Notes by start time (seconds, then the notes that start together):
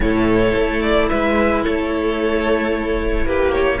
0.00 A2 E4 A4 C#5
0.55 A3
0.81 D5
1.09 G#3 B4 E5
1.62 A3 A4 C#5
3.25 A#3 G4 B4
3.52 C#5